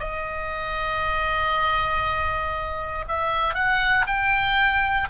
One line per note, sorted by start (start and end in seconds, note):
0.00 3.05 D#5
3.08 3.55 E5
3.55 4.06 F#5
4.07 5.09 G5